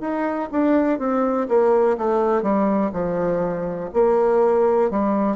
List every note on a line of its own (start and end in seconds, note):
0.00 0.48 D#4
0.51 0.99 D4
0.99 1.47 C4
1.48 1.97 A#3
1.98 2.42 A3
2.42 2.90 G3
2.93 3.89 F3
3.93 4.90 A#3
4.90 5.36 G3